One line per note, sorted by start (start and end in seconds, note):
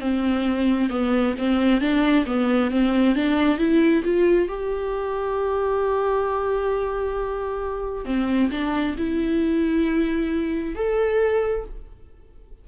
0.00 0.90 C4
0.90 1.34 B3
1.38 1.80 C4
1.80 2.25 D4
2.26 2.70 B3
2.71 3.15 C4
3.15 3.58 D4
3.58 4.03 E4
4.04 4.48 F4
4.48 8.05 G4
8.05 8.50 C4
8.51 8.96 D4
8.97 10.75 E4
10.75 11.65 A4